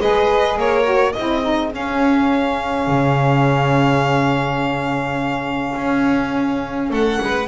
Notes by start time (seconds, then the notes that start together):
0.00 G#3 G#4 B4 D#5
0.56 A#3 A#4 C#5
0.83 F#4
1.12 E4 G#4 D#5
1.19 C4
1.42 D#4
1.70 C#4 F5
2.87 C#3
5.75 C#4
6.90 A3 A4 F#5
7.22 G#3 B4